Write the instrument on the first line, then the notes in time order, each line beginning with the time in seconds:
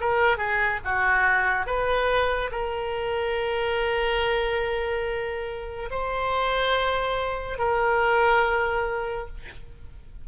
oboe
0.00 A#4
0.37 G#4
0.84 F#4
1.66 B4
2.51 A#4
5.90 C5
7.58 A#4